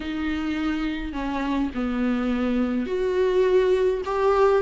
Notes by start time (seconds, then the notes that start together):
0.00 D#4
1.12 C#4
1.74 B3
2.86 F#4
4.05 G4